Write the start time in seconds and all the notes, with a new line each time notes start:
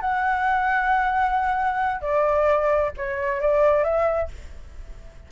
0.00 F#5
2.01 D5
2.97 C#5
3.40 D5
3.83 E5